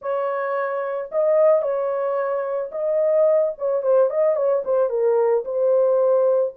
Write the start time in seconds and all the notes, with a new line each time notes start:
0.01 C#5
1.11 D#5
1.61 C#5
2.71 D#5
3.58 C#5
3.82 C5
4.10 D#5
4.35 C#5
4.65 C5
4.89 A#4
5.44 C5